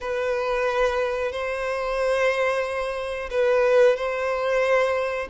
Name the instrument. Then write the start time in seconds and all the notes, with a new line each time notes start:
violin
0.00 B4
1.32 C5
3.30 B4
3.96 C5